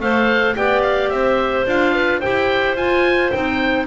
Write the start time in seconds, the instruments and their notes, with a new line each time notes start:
0.00 double bass A3, clarinet A4 C5, oboe F5
0.56 double bass B3, clarinet G4 D5, oboe G5
0.82 oboe F5
1.10 double bass C4, clarinet C5, oboe E5
1.66 double bass D4, clarinet F4, oboe F5
1.95 clarinet B4
2.20 clarinet G4 C5, oboe G5
2.27 double bass E4
2.76 double bass F4, clarinet F4, oboe G#5
3.32 double bass C4, clarinet D#4, oboe G5